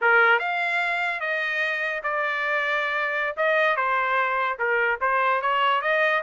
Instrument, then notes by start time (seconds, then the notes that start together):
trumpet
0.01 A#4
0.39 F5
1.20 D#5
2.03 D5
3.37 D#5
3.76 C5
4.58 A#4
5.00 C5
5.41 C#5
5.81 D#5